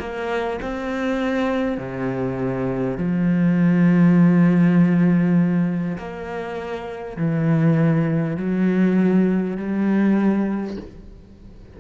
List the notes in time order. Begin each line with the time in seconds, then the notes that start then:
0.00 A#3
0.62 C4
1.78 C3
2.98 F3
5.99 A#3
7.17 E3
8.37 F#3
9.57 G3